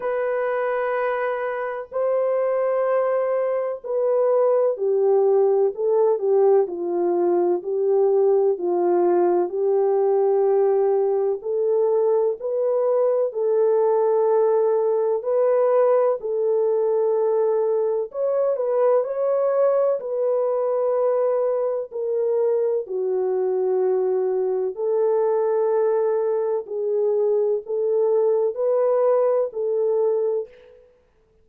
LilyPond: \new Staff \with { instrumentName = "horn" } { \time 4/4 \tempo 4 = 63 b'2 c''2 | b'4 g'4 a'8 g'8 f'4 | g'4 f'4 g'2 | a'4 b'4 a'2 |
b'4 a'2 cis''8 b'8 | cis''4 b'2 ais'4 | fis'2 a'2 | gis'4 a'4 b'4 a'4 | }